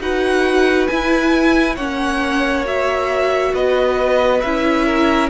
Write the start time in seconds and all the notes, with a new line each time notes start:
0.00 D#4 F#4 B4 F#5
0.87 E4 G#5
1.75 A#3 C#4 C#5 F#5
2.65 F#4 E5
3.54 B3 B4 D#5
4.41 C#4 E4 E5
4.86 A#4